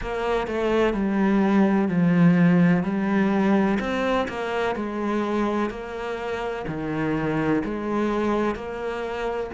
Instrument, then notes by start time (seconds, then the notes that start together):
cello
0.01 A#3
0.47 A3
0.93 G3
1.88 F3
2.83 G3
3.80 C4
4.28 A#3
4.75 G#3
5.70 A#3
6.67 D#3
7.64 G#3
8.55 A#3